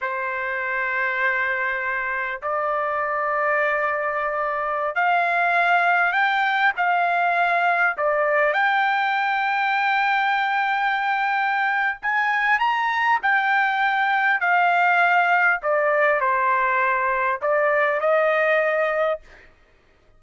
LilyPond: \new Staff \with { instrumentName = "trumpet" } { \time 4/4 \tempo 4 = 100 c''1 | d''1~ | d''16 f''2 g''4 f''8.~ | f''4~ f''16 d''4 g''4.~ g''16~ |
g''1 | gis''4 ais''4 g''2 | f''2 d''4 c''4~ | c''4 d''4 dis''2 | }